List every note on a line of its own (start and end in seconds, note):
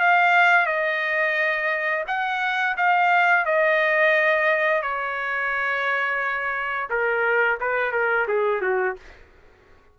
0.00 0.66 F5
0.66 2.04 D#5
2.08 2.76 F#5
2.77 3.45 F5
3.45 4.82 D#5
4.82 6.89 C#5
6.90 7.59 A#4
7.61 7.92 B4
7.92 8.27 A#4
8.28 8.62 G#4
8.62 8.96 F#4